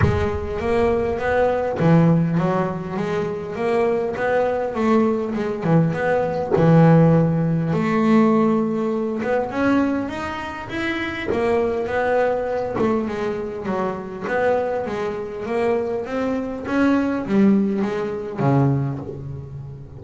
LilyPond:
\new Staff \with { instrumentName = "double bass" } { \time 4/4 \tempo 4 = 101 gis4 ais4 b4 e4 | fis4 gis4 ais4 b4 | a4 gis8 e8 b4 e4~ | e4 a2~ a8 b8 |
cis'4 dis'4 e'4 ais4 | b4. a8 gis4 fis4 | b4 gis4 ais4 c'4 | cis'4 g4 gis4 cis4 | }